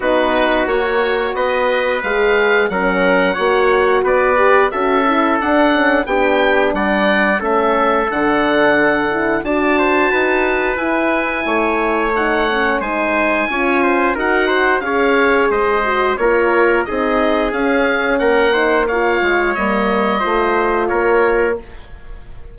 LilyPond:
<<
  \new Staff \with { instrumentName = "oboe" } { \time 4/4 \tempo 4 = 89 b'4 cis''4 dis''4 f''4 | fis''2 d''4 e''4 | fis''4 g''4 fis''4 e''4 | fis''2 a''2 |
gis''2 fis''4 gis''4~ | gis''4 fis''4 f''4 dis''4 | cis''4 dis''4 f''4 fis''4 | f''4 dis''2 cis''4 | }
  \new Staff \with { instrumentName = "trumpet" } { \time 4/4 fis'2 b'2 | ais'4 cis''4 b'4 a'4~ | a'4 g'4 d''4 a'4~ | a'2 d''8 c''8 b'4~ |
b'4 cis''2 c''4 | cis''8 c''8 ais'8 c''8 cis''4 c''4 | ais'4 gis'2 ais'8 c''8 | cis''2 c''4 ais'4 | }
  \new Staff \with { instrumentName = "horn" } { \time 4/4 dis'4 fis'2 gis'4 | cis'4 fis'4. g'8 fis'8 e'8 | d'8 cis'8 d'2 cis'4 | d'4. e'8 fis'2 |
e'2 dis'8 cis'8 dis'4 | f'4 fis'4 gis'4. fis'8 | f'4 dis'4 cis'4. dis'8 | f'4 ais4 f'2 | }
  \new Staff \with { instrumentName = "bassoon" } { \time 4/4 b4 ais4 b4 gis4 | fis4 ais4 b4 cis'4 | d'4 b4 g4 a4 | d2 d'4 dis'4 |
e'4 a2 gis4 | cis'4 dis'4 cis'4 gis4 | ais4 c'4 cis'4 ais4~ | ais8 gis8 g4 a4 ais4 | }
>>